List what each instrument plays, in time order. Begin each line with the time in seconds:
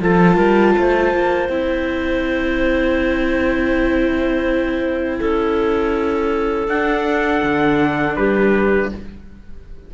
0.00 cello F3, viola F4, clarinet A4, trumpet A5
0.36 cello G3, clarinet A#4
0.78 cello A3, clarinet C5
1.14 cello A#3
1.49 cello C4, viola E4, trumpet G5
5.20 cello C#4, clarinet A4
6.68 cello D4, viola D4, trumpet F#5
7.43 cello D3
8.16 cello G3, clarinet G4, trumpet B4